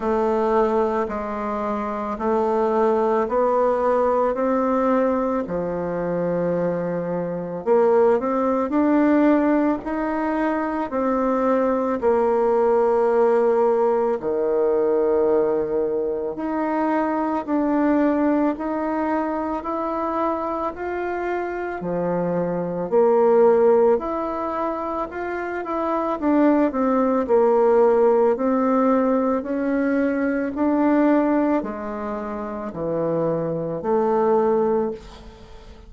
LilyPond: \new Staff \with { instrumentName = "bassoon" } { \time 4/4 \tempo 4 = 55 a4 gis4 a4 b4 | c'4 f2 ais8 c'8 | d'4 dis'4 c'4 ais4~ | ais4 dis2 dis'4 |
d'4 dis'4 e'4 f'4 | f4 ais4 e'4 f'8 e'8 | d'8 c'8 ais4 c'4 cis'4 | d'4 gis4 e4 a4 | }